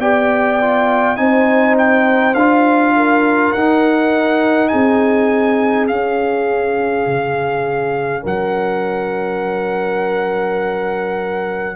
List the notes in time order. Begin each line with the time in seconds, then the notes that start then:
0.00 B3 G4 D5 G5
0.62 F4
1.16 C4 D#4 C5 G#5
1.78 G5
2.34 D4 F4 F5
2.96 A#4
3.52 D#4 F#5
4.68 C4 G#4 G#5
5.88 C#4 F5
7.07 C#3
8.23 F#3 A#4 F#5